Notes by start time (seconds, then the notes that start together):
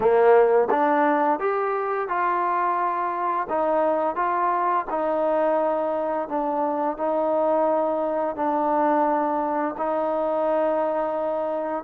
0.00 A#3
0.70 D4
1.39 G4
2.08 F4
3.49 D#4
4.15 F4
4.90 D#4
6.28 D4
6.97 D#4
8.35 D4
9.77 D#4